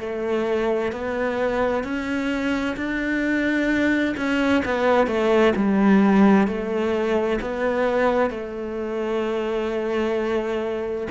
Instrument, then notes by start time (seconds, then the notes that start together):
cello
0.00 A3
0.92 B3
1.83 C#4
2.77 D4
4.17 C#4
4.65 B3
5.07 A3
5.56 G3
6.47 A3
7.41 B3
8.30 A3